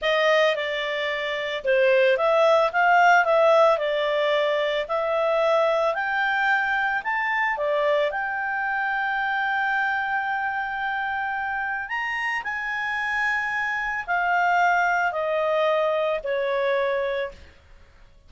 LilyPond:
\new Staff \with { instrumentName = "clarinet" } { \time 4/4 \tempo 4 = 111 dis''4 d''2 c''4 | e''4 f''4 e''4 d''4~ | d''4 e''2 g''4~ | g''4 a''4 d''4 g''4~ |
g''1~ | g''2 ais''4 gis''4~ | gis''2 f''2 | dis''2 cis''2 | }